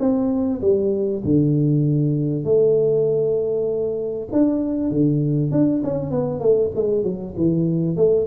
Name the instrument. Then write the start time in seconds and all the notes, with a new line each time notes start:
tuba
0.00 C4
0.62 G3
1.25 D3
2.45 A3
4.33 D4
4.91 D3
5.52 D4
5.84 C#4
6.11 B3
6.41 A3
6.76 G#3
7.04 F#3
7.37 E3
7.97 A3